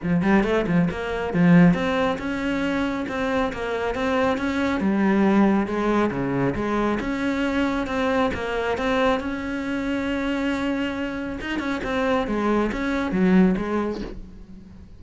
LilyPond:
\new Staff \with { instrumentName = "cello" } { \time 4/4 \tempo 4 = 137 f8 g8 a8 f8 ais4 f4 | c'4 cis'2 c'4 | ais4 c'4 cis'4 g4~ | g4 gis4 cis4 gis4 |
cis'2 c'4 ais4 | c'4 cis'2.~ | cis'2 dis'8 cis'8 c'4 | gis4 cis'4 fis4 gis4 | }